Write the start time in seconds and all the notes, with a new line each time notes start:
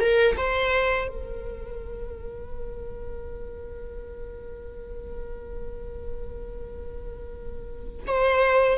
0.00 A#4
0.37 C5
1.08 A#4
8.07 C5